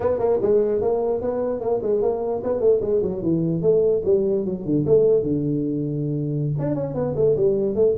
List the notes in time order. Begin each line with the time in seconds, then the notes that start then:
0.00 B3
0.18 A#3
0.41 G#3
0.81 A#3
1.21 B3
1.60 A#3
1.82 G#3
2.02 A#3
2.43 B3
2.60 A3
2.81 G#3
3.02 F#3
3.22 E3
3.61 A3
4.05 G3
4.45 F#3
4.65 D3
4.86 A3
5.22 D3
6.59 D4
6.74 C#4
6.94 B3
7.15 A3
7.36 G3
7.75 A3